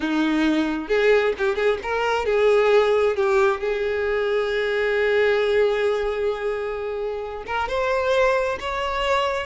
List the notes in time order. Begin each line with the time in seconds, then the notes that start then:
0.00 D#4
0.88 G#4
1.38 G4
1.55 G#4
1.83 A#4
2.25 G#4
3.15 G4
3.60 G#4
7.46 A#4
7.68 C5
8.59 C#5